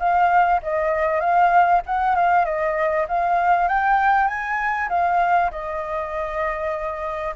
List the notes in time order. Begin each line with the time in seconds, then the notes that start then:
0.00 F5
0.63 D#5
1.21 F5
1.87 F#5
2.16 F5
2.45 D#5
3.09 F5
3.69 G5
4.28 G#5
4.90 F5
5.52 D#5